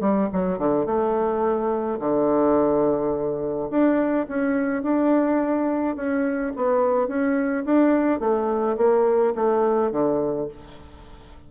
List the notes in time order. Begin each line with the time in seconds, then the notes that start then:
0.00 G3
0.32 F#3
0.58 D3
0.86 A3
1.99 D3
3.70 D4
4.28 C#4
4.82 D4
5.96 C#4
6.56 B3
7.08 C#4
7.65 D4
8.20 A3
8.77 A#3
9.35 A3
9.91 D3